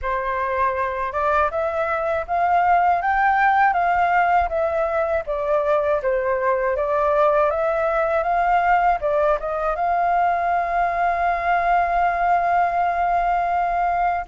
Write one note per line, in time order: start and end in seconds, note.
0.02 1.12 C5
1.12 1.50 D5
1.50 2.25 E5
2.27 3.01 F5
3.01 3.73 G5
3.73 4.48 F5
4.48 5.23 E5
5.26 6.01 D5
6.02 6.76 C5
6.76 7.50 D5
7.50 8.23 E5
8.23 8.98 F5
9.00 9.38 D5
9.40 9.75 D#5
9.75 14.25 F5